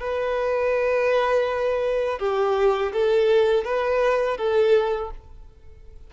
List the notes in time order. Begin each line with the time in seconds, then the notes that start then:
0.00 B4
2.19 G4
2.93 A4
3.65 B4
4.38 A4